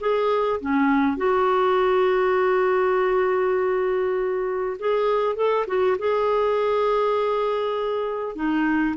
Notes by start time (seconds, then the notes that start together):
0.00 G#4
0.61 C#4
1.17 F#4
4.79 G#4
5.36 A4
5.67 F#4
5.99 G#4
8.35 D#4